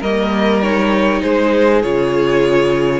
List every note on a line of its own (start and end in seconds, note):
0.00 1.22 G3
0.00 0.63 A#3
0.00 1.21 A#4
0.00 0.62 D#5
0.62 1.83 D#4
0.62 1.22 C#5
1.22 1.84 G#3
1.22 3.00 G#4
1.22 1.82 C5
1.82 3.00 C#3
1.82 3.00 F4
1.82 3.00 C#5